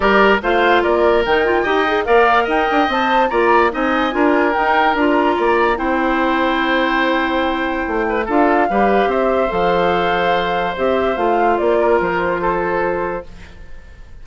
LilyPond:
<<
  \new Staff \with { instrumentName = "flute" } { \time 4/4 \tempo 4 = 145 d''4 f''4 d''4 g''4~ | g''4 f''4 g''4 a''4 | ais''4 gis''2 g''4 | ais''2 g''2~ |
g''1 | f''2 e''4 f''4~ | f''2 e''4 f''4 | d''4 c''2. | }
  \new Staff \with { instrumentName = "oboe" } { \time 4/4 ais'4 c''4 ais'2 | dis''4 d''4 dis''2 | d''4 dis''4 ais'2~ | ais'4 d''4 c''2~ |
c''2.~ c''8 b'8 | a'4 b'4 c''2~ | c''1~ | c''8 ais'4. a'2 | }
  \new Staff \with { instrumentName = "clarinet" } { \time 4/4 g'4 f'2 dis'8 f'8 | g'8 gis'8 ais'2 c''4 | f'4 dis'4 f'4 dis'4 | f'2 e'2~ |
e'1 | f'4 g'2 a'4~ | a'2 g'4 f'4~ | f'1 | }
  \new Staff \with { instrumentName = "bassoon" } { \time 4/4 g4 a4 ais4 dis4 | dis'4 ais4 dis'8 d'8 c'4 | ais4 c'4 d'4 dis'4 | d'4 ais4 c'2~ |
c'2. a4 | d'4 g4 c'4 f4~ | f2 c'4 a4 | ais4 f2. | }
>>